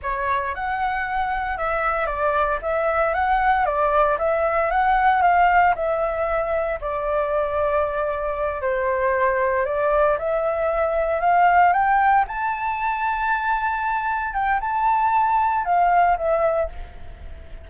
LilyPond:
\new Staff \with { instrumentName = "flute" } { \time 4/4 \tempo 4 = 115 cis''4 fis''2 e''4 | d''4 e''4 fis''4 d''4 | e''4 fis''4 f''4 e''4~ | e''4 d''2.~ |
d''8 c''2 d''4 e''8~ | e''4. f''4 g''4 a''8~ | a''2.~ a''8 g''8 | a''2 f''4 e''4 | }